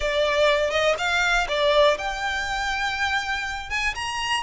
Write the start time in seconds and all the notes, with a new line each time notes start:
0.00 D5
0.70 D#5
0.97 F5
1.48 D5
1.98 G5
3.70 G#5
3.95 A#5